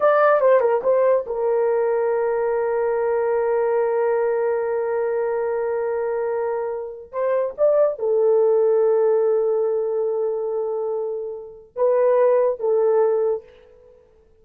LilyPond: \new Staff \with { instrumentName = "horn" } { \time 4/4 \tempo 4 = 143 d''4 c''8 ais'8 c''4 ais'4~ | ais'1~ | ais'1~ | ais'1~ |
ais'4 c''4 d''4 a'4~ | a'1~ | a'1 | b'2 a'2 | }